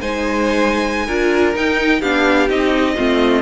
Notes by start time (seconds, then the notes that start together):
0.00 G#3 D#4 C5 G#5
1.05 D4 F4 A#4
1.55 D#4 G5
1.99 B3 D4 G4 F5
2.48 C4 D#4 D#5
2.95 A3 C4 F4